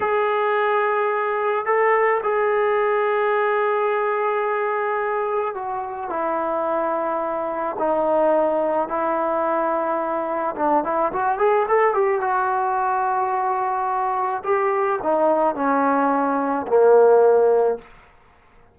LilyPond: \new Staff \with { instrumentName = "trombone" } { \time 4/4 \tempo 4 = 108 gis'2. a'4 | gis'1~ | gis'2 fis'4 e'4~ | e'2 dis'2 |
e'2. d'8 e'8 | fis'8 gis'8 a'8 g'8 fis'2~ | fis'2 g'4 dis'4 | cis'2 ais2 | }